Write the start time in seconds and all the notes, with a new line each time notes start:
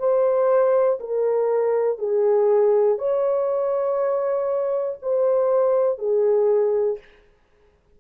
0.00 C5
1.00 A#4
1.99 G#4
2.99 C#5
5.03 C5
5.99 G#4